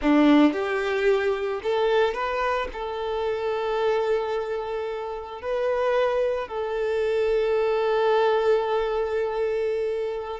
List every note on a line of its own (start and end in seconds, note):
0.01 0.52 D4
0.52 1.60 G4
1.63 2.14 A4
2.14 2.68 B4
2.72 5.41 A4
5.41 6.48 B4
6.48 10.39 A4